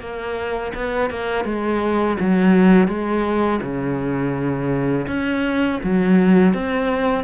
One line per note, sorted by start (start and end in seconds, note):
0.00 0.72 A#3
0.74 1.10 B3
1.10 1.44 A#3
1.44 2.17 G#3
2.19 2.88 F#3
2.88 3.60 G#3
3.61 5.06 C#3
5.07 5.80 C#4
5.83 6.54 F#3
6.54 7.24 C4